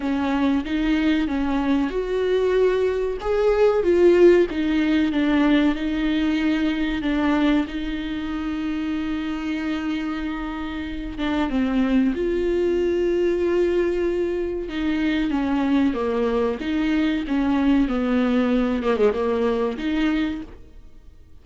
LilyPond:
\new Staff \with { instrumentName = "viola" } { \time 4/4 \tempo 4 = 94 cis'4 dis'4 cis'4 fis'4~ | fis'4 gis'4 f'4 dis'4 | d'4 dis'2 d'4 | dis'1~ |
dis'4. d'8 c'4 f'4~ | f'2. dis'4 | cis'4 ais4 dis'4 cis'4 | b4. ais16 gis16 ais4 dis'4 | }